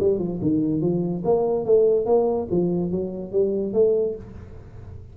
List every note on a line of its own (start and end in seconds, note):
0.00 0.19 G3
0.19 0.40 F3
0.42 0.81 D#3
0.81 1.23 F3
1.25 1.66 A#3
1.66 2.06 A3
2.06 2.48 A#3
2.51 2.91 F3
2.91 3.32 F#3
3.32 3.73 G3
3.73 4.15 A3